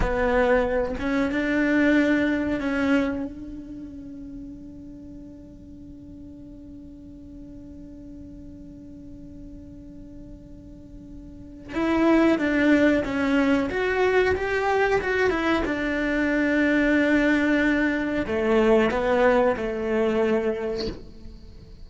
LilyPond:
\new Staff \with { instrumentName = "cello" } { \time 4/4 \tempo 4 = 92 b4. cis'8 d'2 | cis'4 d'2.~ | d'1~ | d'1~ |
d'2 e'4 d'4 | cis'4 fis'4 g'4 fis'8 e'8 | d'1 | a4 b4 a2 | }